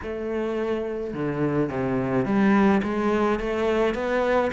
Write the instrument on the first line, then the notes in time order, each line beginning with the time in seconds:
cello
0.02 A3
1.13 D3
1.69 C3
2.25 G3
2.83 G#3
3.39 A3
3.94 B3